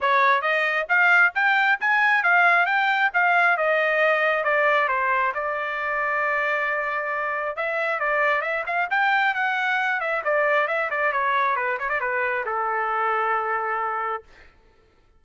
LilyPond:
\new Staff \with { instrumentName = "trumpet" } { \time 4/4 \tempo 4 = 135 cis''4 dis''4 f''4 g''4 | gis''4 f''4 g''4 f''4 | dis''2 d''4 c''4 | d''1~ |
d''4 e''4 d''4 e''8 f''8 | g''4 fis''4. e''8 d''4 | e''8 d''8 cis''4 b'8 cis''16 d''16 b'4 | a'1 | }